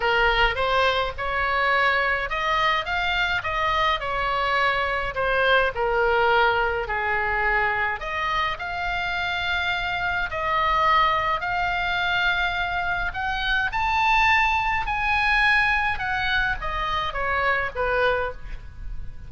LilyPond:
\new Staff \with { instrumentName = "oboe" } { \time 4/4 \tempo 4 = 105 ais'4 c''4 cis''2 | dis''4 f''4 dis''4 cis''4~ | cis''4 c''4 ais'2 | gis'2 dis''4 f''4~ |
f''2 dis''2 | f''2. fis''4 | a''2 gis''2 | fis''4 dis''4 cis''4 b'4 | }